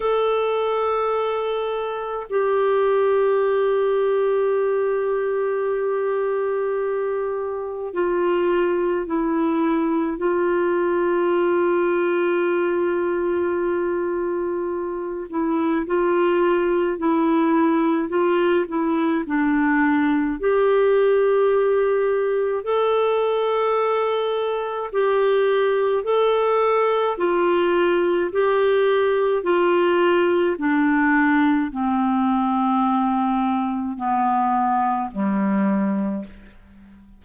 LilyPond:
\new Staff \with { instrumentName = "clarinet" } { \time 4/4 \tempo 4 = 53 a'2 g'2~ | g'2. f'4 | e'4 f'2.~ | f'4. e'8 f'4 e'4 |
f'8 e'8 d'4 g'2 | a'2 g'4 a'4 | f'4 g'4 f'4 d'4 | c'2 b4 g4 | }